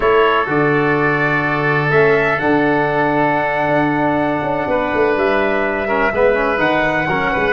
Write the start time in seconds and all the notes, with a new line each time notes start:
0.00 A3 E4 A4 C#5
0.46 D3 F#4 D5
1.90 A3 C#4 E5
2.38 D3 D4 F#5
3.68 D4
4.42 C#4
4.67 B3 B4
4.94 A3
5.16 G3 E5
5.88 C#4 A#4
6.12 G#3 B3 B4
6.34 C#4
6.57 D#3 D#4 F#5
7.07 F#3 C#4 A#4
7.31 G#3 B4